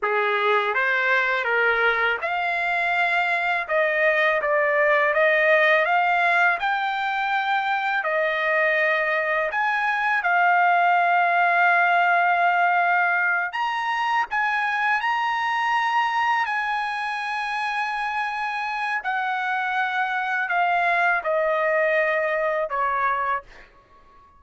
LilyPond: \new Staff \with { instrumentName = "trumpet" } { \time 4/4 \tempo 4 = 82 gis'4 c''4 ais'4 f''4~ | f''4 dis''4 d''4 dis''4 | f''4 g''2 dis''4~ | dis''4 gis''4 f''2~ |
f''2~ f''8 ais''4 gis''8~ | gis''8 ais''2 gis''4.~ | gis''2 fis''2 | f''4 dis''2 cis''4 | }